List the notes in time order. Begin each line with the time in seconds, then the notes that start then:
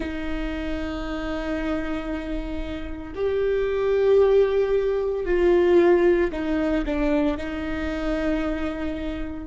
0.00 D#4
3.15 G4
5.25 F4
6.32 D#4
6.85 D4
7.37 D#4